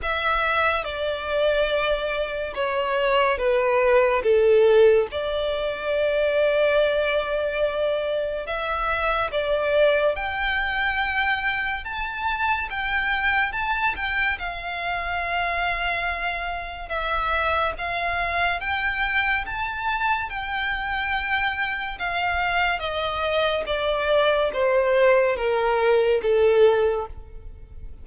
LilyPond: \new Staff \with { instrumentName = "violin" } { \time 4/4 \tempo 4 = 71 e''4 d''2 cis''4 | b'4 a'4 d''2~ | d''2 e''4 d''4 | g''2 a''4 g''4 |
a''8 g''8 f''2. | e''4 f''4 g''4 a''4 | g''2 f''4 dis''4 | d''4 c''4 ais'4 a'4 | }